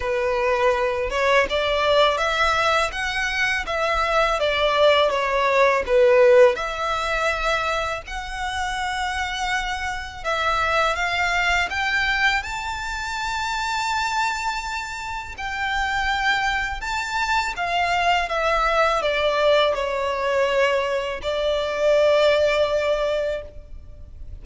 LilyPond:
\new Staff \with { instrumentName = "violin" } { \time 4/4 \tempo 4 = 82 b'4. cis''8 d''4 e''4 | fis''4 e''4 d''4 cis''4 | b'4 e''2 fis''4~ | fis''2 e''4 f''4 |
g''4 a''2.~ | a''4 g''2 a''4 | f''4 e''4 d''4 cis''4~ | cis''4 d''2. | }